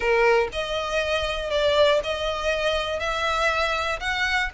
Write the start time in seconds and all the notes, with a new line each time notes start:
0.00 A#4
0.52 D#5
1.50 D5
2.03 D#5
2.99 E5
4.00 F#5